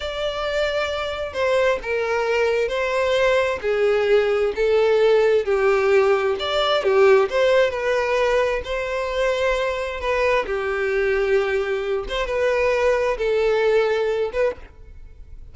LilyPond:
\new Staff \with { instrumentName = "violin" } { \time 4/4 \tempo 4 = 132 d''2. c''4 | ais'2 c''2 | gis'2 a'2 | g'2 d''4 g'4 |
c''4 b'2 c''4~ | c''2 b'4 g'4~ | g'2~ g'8 c''8 b'4~ | b'4 a'2~ a'8 b'8 | }